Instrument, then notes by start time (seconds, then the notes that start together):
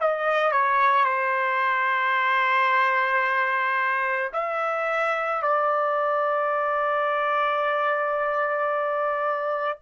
trumpet
0.00 D#5
0.52 C#5
1.05 C5
4.33 E5
5.42 D5